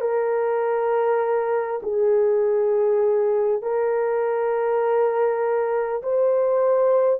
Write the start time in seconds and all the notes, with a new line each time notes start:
0.00 A#4
1.82 G#4
3.62 A#4
6.02 C5